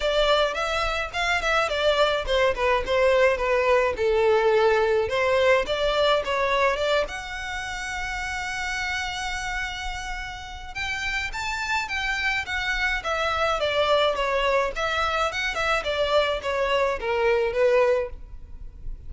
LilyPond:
\new Staff \with { instrumentName = "violin" } { \time 4/4 \tempo 4 = 106 d''4 e''4 f''8 e''8 d''4 | c''8 b'8 c''4 b'4 a'4~ | a'4 c''4 d''4 cis''4 | d''8 fis''2.~ fis''8~ |
fis''2. g''4 | a''4 g''4 fis''4 e''4 | d''4 cis''4 e''4 fis''8 e''8 | d''4 cis''4 ais'4 b'4 | }